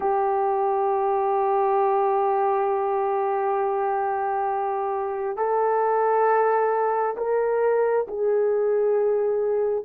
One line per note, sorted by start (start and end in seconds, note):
0.00 5.36 G4
5.36 7.16 A4
7.17 8.06 A#4
8.07 9.85 G#4